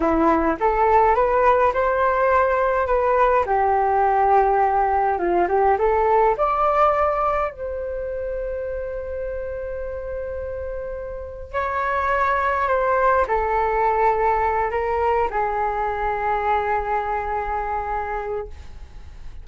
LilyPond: \new Staff \with { instrumentName = "flute" } { \time 4/4 \tempo 4 = 104 e'4 a'4 b'4 c''4~ | c''4 b'4 g'2~ | g'4 f'8 g'8 a'4 d''4~ | d''4 c''2.~ |
c''1 | cis''2 c''4 a'4~ | a'4. ais'4 gis'4.~ | gis'1 | }